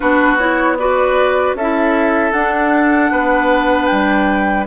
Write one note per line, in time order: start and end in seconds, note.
0.00 1.54 B3
0.00 0.37 D4
0.00 0.78 F#4
0.00 0.37 B4
0.37 0.77 E4
0.37 0.76 C#5
0.77 1.56 F#4
0.77 1.56 B4
0.77 1.55 D5
1.54 2.32 C#4
1.54 3.11 A4
1.54 2.32 E5
1.61 2.32 E4
2.32 3.10 D4
2.32 4.66 D4
2.32 3.86 F#5
3.11 3.89 B3
3.11 4.66 B4
3.86 4.66 G3
3.86 4.64 G5